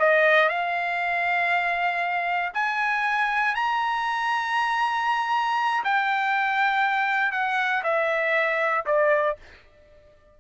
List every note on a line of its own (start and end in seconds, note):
0.00 0.49 D#5
0.49 2.53 F5
2.54 3.55 G#5
3.55 5.84 A#5
5.85 7.32 G5
7.32 7.83 F#5
7.84 8.86 E5
8.86 9.37 D5